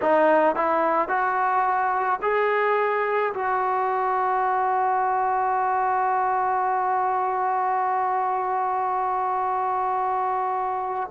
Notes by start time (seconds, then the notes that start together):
0.01 D#4
0.55 E4
1.08 F#4
2.22 G#4
3.34 F#4